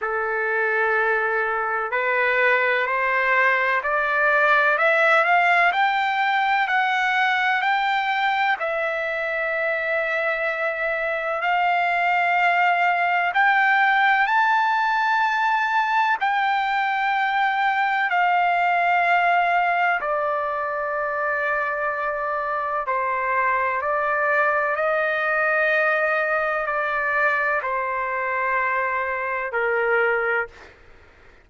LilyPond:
\new Staff \with { instrumentName = "trumpet" } { \time 4/4 \tempo 4 = 63 a'2 b'4 c''4 | d''4 e''8 f''8 g''4 fis''4 | g''4 e''2. | f''2 g''4 a''4~ |
a''4 g''2 f''4~ | f''4 d''2. | c''4 d''4 dis''2 | d''4 c''2 ais'4 | }